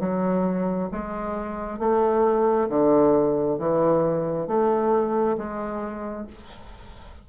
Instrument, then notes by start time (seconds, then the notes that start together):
bassoon
0.00 F#3
0.92 G#3
1.79 A3
2.69 D3
3.59 E3
4.48 A3
5.38 G#3